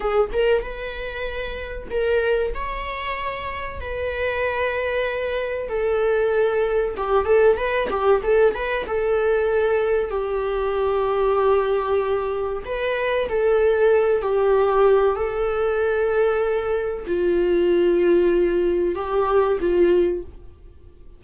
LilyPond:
\new Staff \with { instrumentName = "viola" } { \time 4/4 \tempo 4 = 95 gis'8 ais'8 b'2 ais'4 | cis''2 b'2~ | b'4 a'2 g'8 a'8 | b'8 g'8 a'8 b'8 a'2 |
g'1 | b'4 a'4. g'4. | a'2. f'4~ | f'2 g'4 f'4 | }